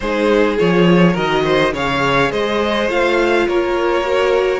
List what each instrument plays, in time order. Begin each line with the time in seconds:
0.00 cello G#3, viola D#4, violin G#4 C5
0.58 cello F3, viola F4, violin C#5
1.13 cello D#3, viola F#4, violin A#4 D#5
1.44 violin C5
1.73 cello C#3, viola G#4, violin C#5 F5
2.31 cello G#3, violin C5 D#5
2.88 cello A3, viola F4, violin F5
3.48 cello A#3, violin A#4 C#5
4.03 viola F#4